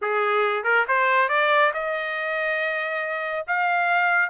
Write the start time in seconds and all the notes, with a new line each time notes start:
0.01 G#4
0.63 A#4
0.88 C5
1.29 D5
1.73 D#5
3.47 F5